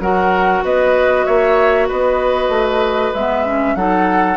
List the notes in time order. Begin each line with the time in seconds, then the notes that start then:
0.00 F#3 F#4 A#4 F#5
0.64 B3 B4 D#5
1.25 A#3 C#5 E5
1.88 B3 B4 D#5
2.49 A3
3.14 G#3 B3 E5
3.46 C#4
3.75 F#3 D#4 A4 F#5